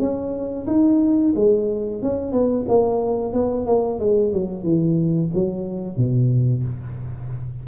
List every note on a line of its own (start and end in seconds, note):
0.00 0.67 C#4
0.67 1.34 D#4
1.36 2.02 G#3
2.02 2.33 C#4
2.33 2.66 B3
2.69 3.34 A#3
3.34 3.67 B3
3.67 4.00 A#3
4.00 4.33 G#3
4.33 4.64 F#3
4.64 5.31 E3
5.35 5.98 F#3
5.98 6.64 B2